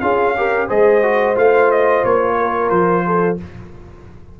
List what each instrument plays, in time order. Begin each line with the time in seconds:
0.00 tuba C#4, trombone F4, horn G#4, trumpet F5
0.37 trombone G4, horn A#4
0.67 tuba G#3, trombone G#4, horn C5, trumpet D#5
1.03 trombone F#4
1.35 tuba A3, trombone F4, trumpet F5
1.71 trumpet D#5
2.04 tuba A#3, trumpet C#5
2.38 horn A#4
2.69 tuba F3, trumpet C5
3.06 horn A4